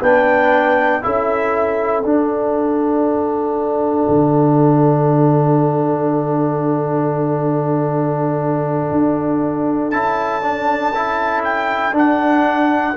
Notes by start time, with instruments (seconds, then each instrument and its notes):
0.00 tuba B3, trombone D4, horn B4, trumpet G5
1.02 tuba C#4, trombone E4, horn A4, trumpet E5
2.04 tuba D4, trombone D4, trumpet F#5
4.08 tuba D3
8.92 tuba D4
9.91 tuba C#4, trombone E4, trumpet A5
10.42 trombone D4
10.95 trombone E4
11.44 trumpet G5
11.92 tuba D4, trombone D4, trumpet F#5